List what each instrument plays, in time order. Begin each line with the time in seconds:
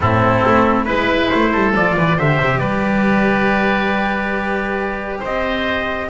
0.00 double bass A2, cello C4, oboe E4, trumpet A4
0.46 double bass A3
0.84 double bass G#3, cello E4, trumpet B4, oboe B4
1.28 double bass A3, trumpet C5
1.52 double bass G3, oboe A4
1.74 double bass F3, cello F4, trumpet D5
1.96 double bass E3, oboe B4
2.17 double bass D3, cello G4, oboe C5, trumpet E5
2.41 double bass C3
2.58 double bass G3, oboe B4, trumpet D5
5.19 double bass C4, oboe C5, trumpet D#5